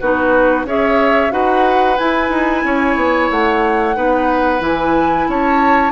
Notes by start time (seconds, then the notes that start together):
0.00 B3 D#4 F#4 B4
0.65 C#4 G#4 C#5 E5
1.30 D#4 F#4 B4 F#5
1.98 E4 G#5
2.30 D#4
2.64 C#4 C#5
2.96 B3
3.31 A3 F#5
3.95 B3 D#4 B4
4.60 E3 E4 G#5
5.28 C#4 C#5 A5